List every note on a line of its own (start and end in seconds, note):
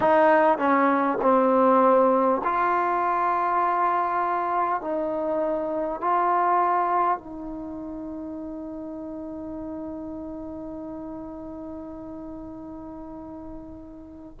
0.00 0.58 D#4
0.58 1.18 C#4
1.21 2.41 C4
2.43 4.81 F4
4.81 6.00 D#4
6.00 7.18 F4
7.18 14.38 D#4